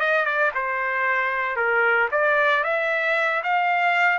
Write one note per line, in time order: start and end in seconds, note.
0.00 0.25 D#5
0.25 0.52 D5
0.55 1.56 C5
1.56 2.09 A#4
2.12 2.64 D5
2.64 3.43 E5
3.44 4.19 F5